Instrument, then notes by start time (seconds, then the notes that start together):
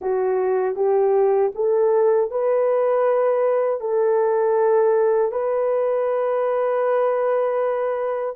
horn
0.01 F#4
0.75 G4
1.54 A4
2.30 B4
3.80 A4
5.31 B4